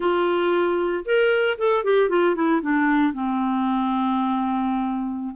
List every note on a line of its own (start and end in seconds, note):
0.00 1.04 F4
1.05 1.57 A#4
1.58 1.84 A4
1.84 2.09 G4
2.09 2.35 F4
2.35 2.61 E4
2.61 3.13 D4
3.13 5.35 C4